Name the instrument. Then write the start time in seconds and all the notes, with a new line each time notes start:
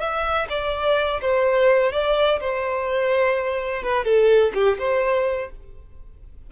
violin
0.00 E5
0.49 D5
1.22 C5
1.92 D5
2.40 C5
3.83 B4
4.05 A4
4.54 G4
4.79 C5